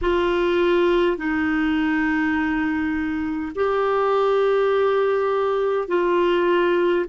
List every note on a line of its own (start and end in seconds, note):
0.01 1.17 F4
1.17 3.52 D#4
3.55 5.88 G4
5.88 7.05 F4